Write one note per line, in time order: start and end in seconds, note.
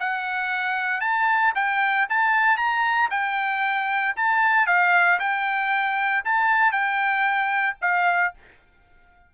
0.00 1.01 F#5
1.01 1.53 A5
1.55 2.08 G5
2.10 2.57 A5
2.57 3.09 A#5
3.11 4.15 G5
4.17 4.67 A5
4.67 5.19 F5
5.20 6.24 G5
6.25 6.72 A5
6.72 7.76 G5
7.82 8.34 F5